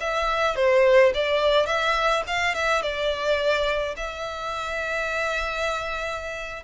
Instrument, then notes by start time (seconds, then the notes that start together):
violin
0.00 E5
0.56 C5
1.14 D5
1.66 E5
2.27 F5
2.54 E5
2.82 D5
3.96 E5